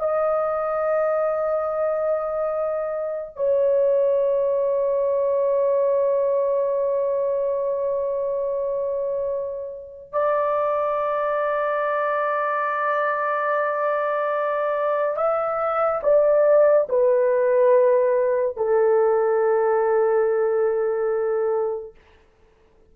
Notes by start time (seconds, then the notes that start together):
0.00 D#5
3.36 C#5
10.13 D5
15.17 E5
16.04 D5
16.89 B4
18.57 A4